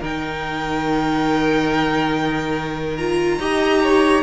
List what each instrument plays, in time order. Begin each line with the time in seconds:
0.00 cello D#3, viola D#4, violin A#4 G5
2.97 viola F4, violin A#5
3.38 cello D#4, viola G4, violin D#5
3.82 violin C#5